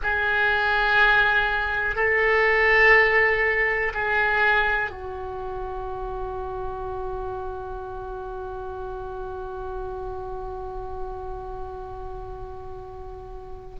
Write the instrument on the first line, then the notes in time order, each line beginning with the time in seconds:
oboe
0.02 G#4
1.95 A4
3.93 G#4
4.90 F#4